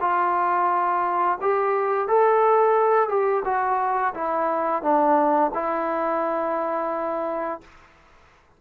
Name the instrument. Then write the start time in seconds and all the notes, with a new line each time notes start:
trombone
0.00 F4
1.41 G4
2.08 A4
3.08 G4
3.45 F#4
4.14 E4
4.82 D4
5.54 E4